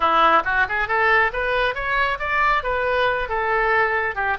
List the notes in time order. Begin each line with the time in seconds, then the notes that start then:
0.00 E4
0.45 F#4
0.68 G#4
0.88 A4
1.32 B4
1.74 C#5
2.19 D5
2.63 B4
3.28 A4
4.15 G4